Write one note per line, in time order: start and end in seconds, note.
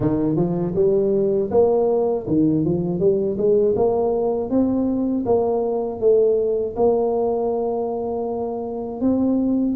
0.00 0.36 D#3
0.36 0.73 F3
0.75 1.50 G3
1.50 2.25 A#3
2.27 2.64 D#3
2.64 2.99 F3
2.99 3.36 G3
3.37 3.75 G#3
3.75 4.50 A#3
4.50 5.25 C4
5.25 6.00 A#3
6.00 6.75 A3
6.76 9.00 A#3
9.00 9.75 C4